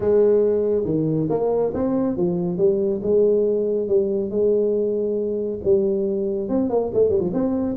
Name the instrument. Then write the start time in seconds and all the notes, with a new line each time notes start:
tuba
0.00 G#3
0.84 D#3
1.29 A#3
1.74 C4
2.16 F3
2.57 G3
3.02 G#3
3.88 G3
4.30 G#3
5.64 G3
6.49 C4
6.69 A#3
6.93 A3
7.09 G3
7.20 F3
7.33 C4